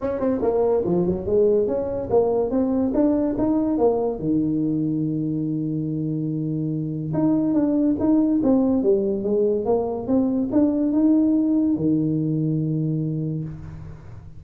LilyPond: \new Staff \with { instrumentName = "tuba" } { \time 4/4 \tempo 4 = 143 cis'8 c'8 ais4 f8 fis8 gis4 | cis'4 ais4 c'4 d'4 | dis'4 ais4 dis2~ | dis1~ |
dis4 dis'4 d'4 dis'4 | c'4 g4 gis4 ais4 | c'4 d'4 dis'2 | dis1 | }